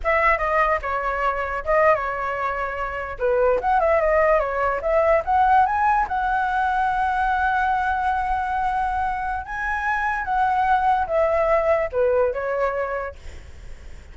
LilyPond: \new Staff \with { instrumentName = "flute" } { \time 4/4 \tempo 4 = 146 e''4 dis''4 cis''2 | dis''8. cis''2. b'16~ | b'8. fis''8 e''8 dis''4 cis''4 e''16~ | e''8. fis''4 gis''4 fis''4~ fis''16~ |
fis''1~ | fis''2. gis''4~ | gis''4 fis''2 e''4~ | e''4 b'4 cis''2 | }